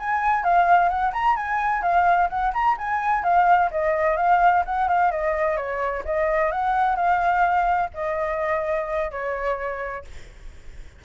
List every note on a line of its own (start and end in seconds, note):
0.00 0.44 G#5
0.44 0.89 F5
0.89 1.13 F#5
1.13 1.37 A#5
1.37 1.83 G#5
1.83 2.29 F5
2.30 2.53 F#5
2.54 2.77 A#5
2.78 3.24 G#5
3.24 3.71 F5
3.72 4.17 D#5
4.17 4.64 F5
4.66 4.89 F#5
4.89 5.12 F5
5.12 5.57 D#5
5.57 6.04 C#5
6.05 6.52 D#5
6.52 6.96 F#5
6.96 7.90 F5
7.94 9.11 D#5
9.11 10.05 C#5